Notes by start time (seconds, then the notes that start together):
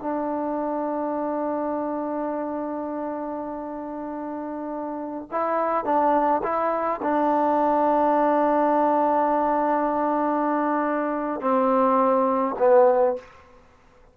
0.00 D4
5.31 E4
5.85 D4
6.44 E4
7.03 D4
11.41 C4
12.59 B3